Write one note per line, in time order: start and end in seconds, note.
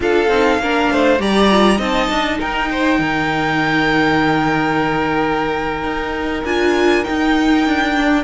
0.00 0.28 D4
0.00 0.29 F4
0.00 0.61 A4
0.00 1.20 F5
0.28 0.58 C4
0.28 0.61 D#4
0.58 0.89 A#3
0.58 1.19 D4
0.58 0.92 A#4
0.90 1.19 A3
0.90 1.21 C5
1.19 1.78 G3
1.19 1.49 G4
1.19 1.77 D5
1.19 1.80 A#5
1.51 1.78 F4
1.77 2.08 C4
1.77 6.43 D#4
1.77 2.37 D#5
1.77 2.40 A5
2.09 2.39 D4
2.39 2.98 D#4
2.39 2.69 A#4
2.39 6.45 G5
2.71 3.00 C5
2.98 5.83 D#3
2.98 8.23 A#4
5.83 6.43 D#4
6.44 7.04 D4
6.44 7.04 F4
6.44 7.04 G#5
7.04 7.94 D#4
7.04 7.66 D#4
7.04 8.23 G5
7.66 8.23 D4
7.97 8.23 D4